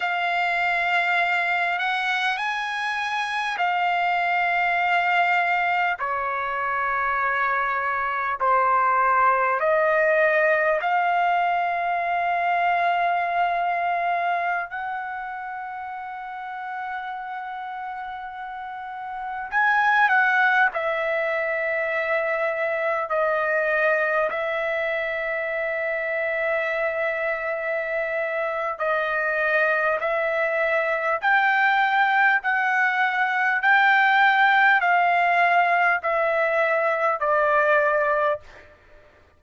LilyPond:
\new Staff \with { instrumentName = "trumpet" } { \time 4/4 \tempo 4 = 50 f''4. fis''8 gis''4 f''4~ | f''4 cis''2 c''4 | dis''4 f''2.~ | f''16 fis''2.~ fis''8.~ |
fis''16 gis''8 fis''8 e''2 dis''8.~ | dis''16 e''2.~ e''8. | dis''4 e''4 g''4 fis''4 | g''4 f''4 e''4 d''4 | }